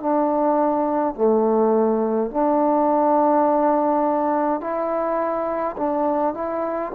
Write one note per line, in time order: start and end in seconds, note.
0.00 1.15 D4
1.15 2.31 A3
2.31 4.60 D4
4.60 5.76 E4
5.77 6.35 D4
6.35 6.92 E4